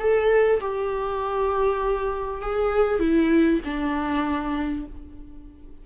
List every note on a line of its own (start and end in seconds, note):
0.00 0.61 A4
0.61 2.42 G4
2.42 3.00 G#4
3.00 3.61 E4
3.65 4.86 D4